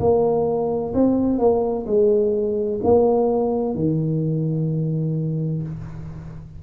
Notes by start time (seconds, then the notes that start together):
0.00 A#3
0.95 C4
1.39 A#3
1.87 G#3
2.84 A#3
3.75 D#3